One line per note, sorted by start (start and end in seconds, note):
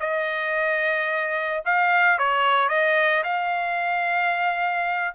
0.00 1.64 D#5
1.65 2.19 F5
2.19 2.69 C#5
2.69 3.24 D#5
3.24 5.15 F5